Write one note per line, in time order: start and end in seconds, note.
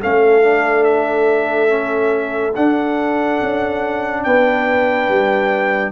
0.00 2.56 A3
0.00 0.42 C#4
0.00 4.23 A4
0.00 0.83 F5
0.42 1.68 D4
0.83 2.52 E5
1.68 2.52 C#4
2.55 3.40 D4
2.55 5.92 D4
2.55 4.23 F#5
3.41 4.26 C#4
4.23 5.08 B3
4.23 5.92 B4
4.23 5.92 G5
5.08 5.92 G3